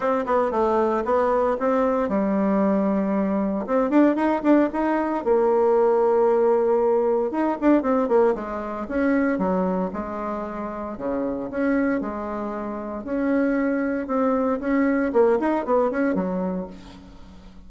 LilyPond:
\new Staff \with { instrumentName = "bassoon" } { \time 4/4 \tempo 4 = 115 c'8 b8 a4 b4 c'4 | g2. c'8 d'8 | dis'8 d'8 dis'4 ais2~ | ais2 dis'8 d'8 c'8 ais8 |
gis4 cis'4 fis4 gis4~ | gis4 cis4 cis'4 gis4~ | gis4 cis'2 c'4 | cis'4 ais8 dis'8 b8 cis'8 fis4 | }